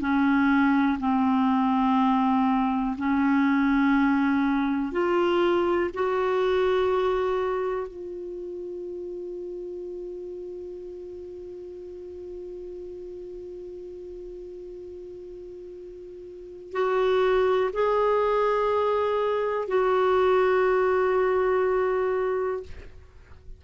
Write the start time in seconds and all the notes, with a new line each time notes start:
0.00 C#4
0.99 C4
2.98 C#4
4.92 F4
5.94 F#4
7.87 F4
16.72 F#4
17.73 G#4
19.68 F#4